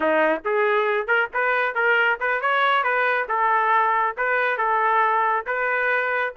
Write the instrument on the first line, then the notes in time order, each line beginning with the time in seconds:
trumpet
0.00 D#4
0.44 G#4
1.07 A#4
1.33 B4
1.75 A#4
2.20 B4
2.41 C#5
2.83 B4
3.28 A4
4.17 B4
4.57 A4
5.46 B4